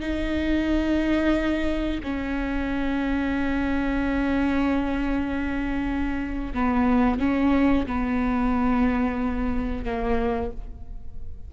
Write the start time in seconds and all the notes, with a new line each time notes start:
0.00 D#4
2.03 C#4
6.53 B3
7.19 C#4
7.86 B3
9.84 A#3